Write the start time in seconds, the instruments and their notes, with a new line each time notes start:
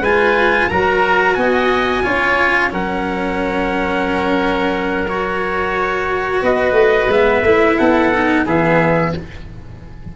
0.00 tuba G#3, cello F4, oboe B4, trumpet G#5
0.69 tuba F#3, cello F#4, oboe A#4, trumpet A#5
1.34 tuba B3, oboe D#5, trumpet G#5
2.03 tuba C#4, cello F4, oboe C#5
2.70 tuba F#3, cello C#4, oboe A#4, trumpet F#5
5.08 cello F#4, trumpet C#5
6.42 tuba B3, oboe B4, trumpet D#5
6.72 tuba A3
7.08 tuba G#3, cello B3, trumpet E5
7.42 tuba A3, cello E4
7.78 tuba B3, oboe A4, trumpet F#5
8.14 cello D#4
8.46 tuba E3, cello B3, oboe G#4, trumpet E5